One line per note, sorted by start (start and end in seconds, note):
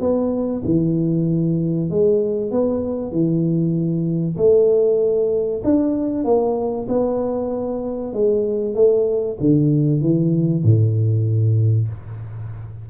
0.00 0.62 B3
0.65 1.90 E3
1.90 2.51 G#3
2.51 3.12 B3
3.12 4.37 E3
4.37 5.62 A3
5.64 6.25 D4
6.25 6.87 A#3
6.89 8.14 B3
8.14 8.75 G#3
8.75 9.38 A3
9.40 10.01 D3
10.01 10.64 E3
10.64 11.89 A2